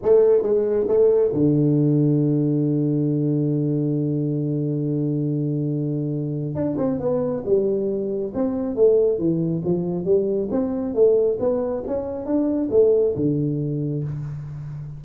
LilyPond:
\new Staff \with { instrumentName = "tuba" } { \time 4/4 \tempo 4 = 137 a4 gis4 a4 d4~ | d1~ | d1~ | d2. d'8 c'8 |
b4 g2 c'4 | a4 e4 f4 g4 | c'4 a4 b4 cis'4 | d'4 a4 d2 | }